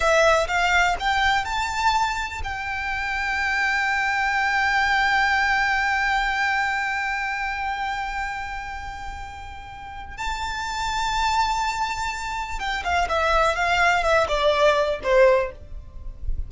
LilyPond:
\new Staff \with { instrumentName = "violin" } { \time 4/4 \tempo 4 = 124 e''4 f''4 g''4 a''4~ | a''4 g''2.~ | g''1~ | g''1~ |
g''1~ | g''4 a''2.~ | a''2 g''8 f''8 e''4 | f''4 e''8 d''4. c''4 | }